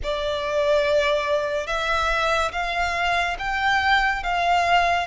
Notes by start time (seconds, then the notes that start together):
0.03 D5
1.67 E5
2.52 F5
3.38 G5
4.23 F5